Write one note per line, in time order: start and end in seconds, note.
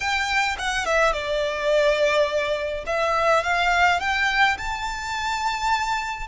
0.00 0.56 G5
0.58 0.85 F#5
0.85 1.12 E5
1.12 2.84 D5
2.86 3.43 E5
3.43 4.00 F5
4.00 4.57 G5
4.57 6.27 A5